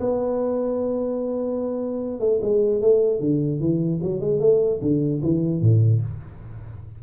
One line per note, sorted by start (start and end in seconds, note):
0.00 2.20 B3
2.20 2.40 A3
2.41 2.81 G#3
2.81 3.20 A3
3.20 3.60 D3
3.60 4.00 E3
4.02 4.20 F#3
4.20 4.40 G#3
4.40 4.80 A3
4.81 5.21 D3
5.22 5.61 E3
5.61 6.01 A2